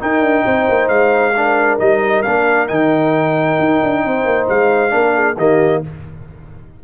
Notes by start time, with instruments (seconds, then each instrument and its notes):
0.00 trombone D#4, tuba D#4, horn A#4, trumpet G5
0.22 tuba D4
0.45 tuba C4, horn C5
0.69 tuba A#3
0.89 tuba G#3, trumpet F5
1.37 trombone D4, horn A#4
1.79 tuba G3, trombone D#4, trumpet D#5
2.23 tuba A#3, trombone D4, trumpet F5
2.68 tuba D#3, trombone D#4, trumpet G5
3.59 tuba D#4
3.83 tuba D4
4.05 tuba C4, horn C5
4.25 tuba A#3
4.49 tuba G#3, trumpet F5
4.90 tuba A#3, trombone D4, horn A#4
5.15 horn G#4
5.38 tuba D#3, trombone A#3, horn G4, trumpet D#5